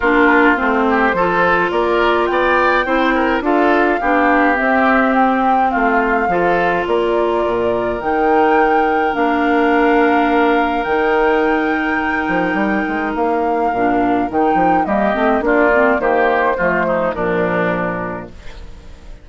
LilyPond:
<<
  \new Staff \with { instrumentName = "flute" } { \time 4/4 \tempo 4 = 105 ais'4 c''2 d''4 | g''2 f''2 | e''4 g''4 f''2 | d''2 g''2 |
f''2. g''4~ | g''2. f''4~ | f''4 g''4 dis''4 d''4 | c''2 ais'2 | }
  \new Staff \with { instrumentName = "oboe" } { \time 4/4 f'4. g'8 a'4 ais'4 | d''4 c''8 ais'8 a'4 g'4~ | g'2 f'4 a'4 | ais'1~ |
ais'1~ | ais'1~ | ais'2 g'4 f'4 | g'4 f'8 dis'8 d'2 | }
  \new Staff \with { instrumentName = "clarinet" } { \time 4/4 d'4 c'4 f'2~ | f'4 e'4 f'4 d'4 | c'2. f'4~ | f'2 dis'2 |
d'2. dis'4~ | dis'1 | d'4 dis'4 ais8 c'8 d'8 c'8 | ais4 a4 f2 | }
  \new Staff \with { instrumentName = "bassoon" } { \time 4/4 ais4 a4 f4 ais4 | b4 c'4 d'4 b4 | c'2 a4 f4 | ais4 ais,4 dis2 |
ais2. dis4~ | dis4. f8 g8 gis8 ais4 | ais,4 dis8 f8 g8 a8 ais4 | dis4 f4 ais,2 | }
>>